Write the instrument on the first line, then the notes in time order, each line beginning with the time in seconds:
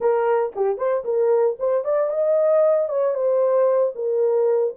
horn
0.00 A#4
0.55 G4
0.77 C5
1.04 A#4
1.59 C5
1.84 D5
2.10 D#5
2.89 C#5
3.14 C5
3.95 A#4